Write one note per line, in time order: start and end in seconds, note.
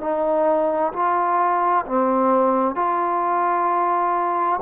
0.00 0.92 D#4
0.92 1.85 F4
1.85 2.75 C4
2.75 4.59 F4